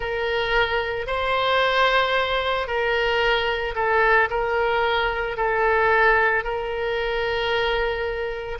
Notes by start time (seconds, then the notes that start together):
0.00 A#4
1.07 C5
2.67 A#4
3.75 A4
4.30 A#4
5.36 A4
6.43 A#4